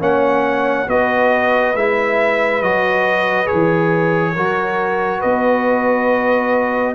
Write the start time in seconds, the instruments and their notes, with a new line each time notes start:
0.00 tuba A#3, trombone C#4, horn C#5, trumpet F#5
0.87 tuba B3, trombone F#4, horn B4, trumpet D#5
1.75 tuba G#3, trombone E4, trumpet E5
2.62 tuba F#3, trombone F#4, trumpet D#5
3.46 trombone G#4, trumpet C#5
3.53 tuba E3
4.35 tuba F#3, trombone F#4, horn A#4
5.19 tuba B3, horn B4, trumpet D#5